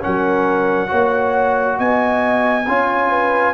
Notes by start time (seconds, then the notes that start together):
0.00 C#4 A#4 F#5
0.06 F#3
0.87 A#3 F#4 C#5
1.78 B3 D#5 G#5
2.67 C#4 F4 C#5
3.09 B4